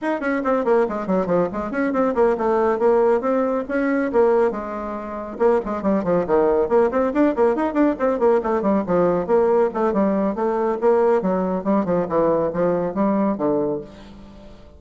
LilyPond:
\new Staff \with { instrumentName = "bassoon" } { \time 4/4 \tempo 4 = 139 dis'8 cis'8 c'8 ais8 gis8 fis8 f8 gis8 | cis'8 c'8 ais8 a4 ais4 c'8~ | c'8 cis'4 ais4 gis4.~ | gis8 ais8 gis8 g8 f8 dis4 ais8 |
c'8 d'8 ais8 dis'8 d'8 c'8 ais8 a8 | g8 f4 ais4 a8 g4 | a4 ais4 fis4 g8 f8 | e4 f4 g4 d4 | }